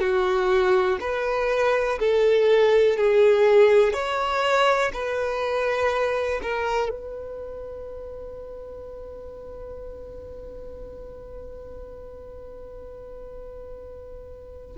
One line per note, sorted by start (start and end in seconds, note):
0.00 0.98 F#4
1.00 1.99 B4
1.99 2.97 A4
2.97 3.93 G#4
3.93 4.91 C#5
4.93 6.41 B4
6.42 6.89 A#4
6.89 14.76 B4